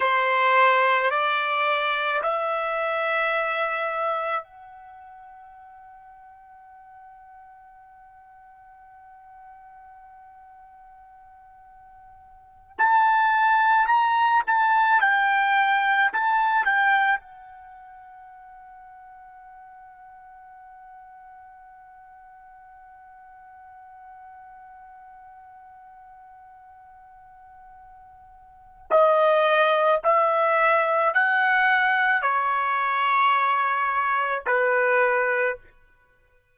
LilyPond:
\new Staff \with { instrumentName = "trumpet" } { \time 4/4 \tempo 4 = 54 c''4 d''4 e''2 | fis''1~ | fis''2.~ fis''8 a''8~ | a''8 ais''8 a''8 g''4 a''8 g''8 fis''8~ |
fis''1~ | fis''1~ | fis''2 dis''4 e''4 | fis''4 cis''2 b'4 | }